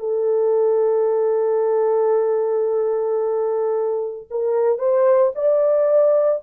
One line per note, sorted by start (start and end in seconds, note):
0.00 4.29 A4
4.31 4.79 A#4
4.79 5.33 C5
5.36 6.43 D5